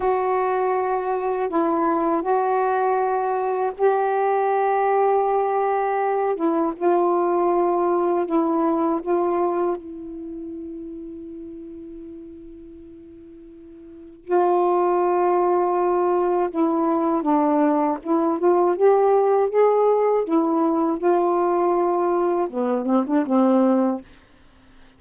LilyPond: \new Staff \with { instrumentName = "saxophone" } { \time 4/4 \tempo 4 = 80 fis'2 e'4 fis'4~ | fis'4 g'2.~ | g'8 e'8 f'2 e'4 | f'4 e'2.~ |
e'2. f'4~ | f'2 e'4 d'4 | e'8 f'8 g'4 gis'4 e'4 | f'2 b8 c'16 d'16 c'4 | }